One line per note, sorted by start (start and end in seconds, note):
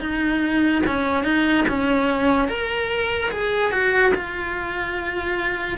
0.00 0.82 D#4
0.86 1.24 C#4
1.24 1.65 D#4
1.68 2.48 C#4
2.48 3.30 A#4
3.31 3.71 G#4
3.71 4.12 F#4
4.14 5.78 F4